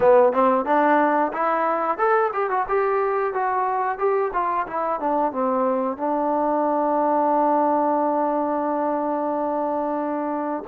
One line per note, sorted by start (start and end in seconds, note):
0.00 0.32 B3
0.32 0.65 C4
0.65 1.32 D4
1.32 1.98 E4
1.98 2.31 A4
2.33 2.49 G4
2.49 2.66 F#4
2.68 3.33 G4
3.33 3.98 F#4
3.98 4.31 G4
4.33 4.66 F4
4.66 5.00 E4
5.00 5.32 D4
5.32 5.97 C4
5.97 10.63 D4